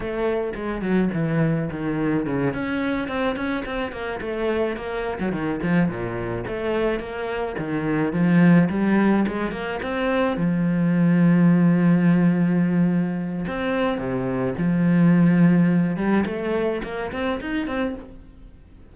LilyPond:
\new Staff \with { instrumentName = "cello" } { \time 4/4 \tempo 4 = 107 a4 gis8 fis8 e4 dis4 | cis8 cis'4 c'8 cis'8 c'8 ais8 a8~ | a8 ais8. fis16 dis8 f8 ais,4 a8~ | a8 ais4 dis4 f4 g8~ |
g8 gis8 ais8 c'4 f4.~ | f1 | c'4 c4 f2~ | f8 g8 a4 ais8 c'8 dis'8 c'8 | }